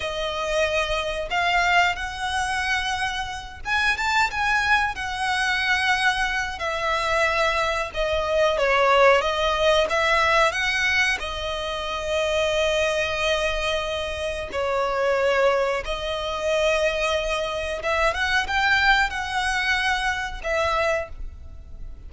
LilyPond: \new Staff \with { instrumentName = "violin" } { \time 4/4 \tempo 4 = 91 dis''2 f''4 fis''4~ | fis''4. gis''8 a''8 gis''4 fis''8~ | fis''2 e''2 | dis''4 cis''4 dis''4 e''4 |
fis''4 dis''2.~ | dis''2 cis''2 | dis''2. e''8 fis''8 | g''4 fis''2 e''4 | }